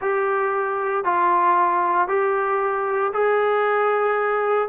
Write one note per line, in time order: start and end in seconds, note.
0.01 1.04 G4
1.04 2.08 F4
2.08 3.12 G4
3.13 4.68 G#4